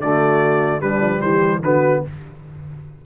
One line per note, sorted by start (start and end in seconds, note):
0.00 0.81 D3
0.00 0.82 A3
0.00 0.81 F#4
0.00 0.81 D5
0.81 1.01 G3
0.81 1.62 G3
0.81 1.20 D4
0.81 1.21 B4
1.01 1.21 F3
1.20 1.62 E3
1.20 1.60 G4
1.20 1.62 C5
1.62 2.03 D3
1.62 2.05 B3
1.62 2.04 F#4
1.62 2.04 B4